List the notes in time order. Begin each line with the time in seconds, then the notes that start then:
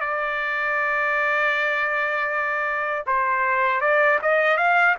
0.00 D5
3.06 C5
3.80 D5
4.22 D#5
4.57 F5